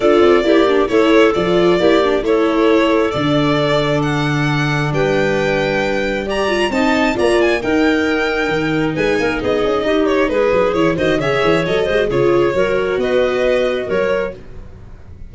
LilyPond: <<
  \new Staff \with { instrumentName = "violin" } { \time 4/4 \tempo 4 = 134 d''2 cis''4 d''4~ | d''4 cis''2 d''4~ | d''4 fis''2 g''4~ | g''2 ais''4 a''4 |
ais''8 gis''8 g''2. | gis''4 dis''4. cis''8 b'4 | cis''8 dis''8 e''4 dis''4 cis''4~ | cis''4 dis''2 cis''4 | }
  \new Staff \with { instrumentName = "clarinet" } { \time 4/4 a'4 g'4 a'2 | g'4 a'2.~ | a'2. b'4~ | b'2 d''4 dis''4 |
d''4 ais'2. | b'8 ais'8 gis'4 g'4 gis'4~ | gis'8 c''8 cis''4. c''8 gis'4 | ais'4 b'2 ais'4 | }
  \new Staff \with { instrumentName = "viola" } { \time 4/4 f'4 e'8 d'8 e'4 f'4 | e'8 d'8 e'2 d'4~ | d'1~ | d'2 g'8 f'8 dis'4 |
f'4 dis'2.~ | dis'1 | e'8 fis'8 gis'4 a'8 gis'16 fis'16 f'4 | fis'1 | }
  \new Staff \with { instrumentName = "tuba" } { \time 4/4 d'8 c'8 ais4 a4 f4 | ais4 a2 d4~ | d2. g4~ | g2. c'4 |
ais4 dis'2 dis4 | gis8 ais8 b8 cis'8 dis'4 gis8 fis8 | e8 dis8 cis8 e8 fis8 gis8 cis4 | fis4 b2 fis4 | }
>>